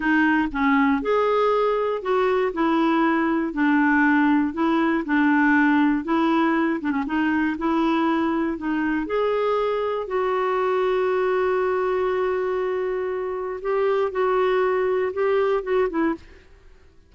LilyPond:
\new Staff \with { instrumentName = "clarinet" } { \time 4/4 \tempo 4 = 119 dis'4 cis'4 gis'2 | fis'4 e'2 d'4~ | d'4 e'4 d'2 | e'4. d'16 cis'16 dis'4 e'4~ |
e'4 dis'4 gis'2 | fis'1~ | fis'2. g'4 | fis'2 g'4 fis'8 e'8 | }